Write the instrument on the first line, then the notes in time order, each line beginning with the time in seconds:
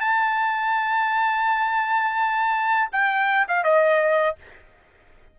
trumpet
0.00 A5
2.92 G5
3.48 F5
3.64 D#5